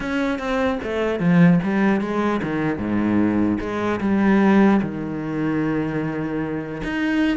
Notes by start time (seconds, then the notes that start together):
0.00 C#4
0.39 C4
0.83 A3
1.19 F3
1.63 G3
2.00 G#3
2.42 D#3
2.78 G#2
3.60 G#3
4.00 G3
4.81 D#3
6.83 D#4